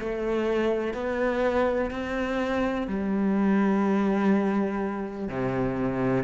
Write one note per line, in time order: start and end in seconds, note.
0.00 0.95 A3
0.95 1.91 B3
1.91 2.88 C4
2.88 5.29 G3
5.29 6.25 C3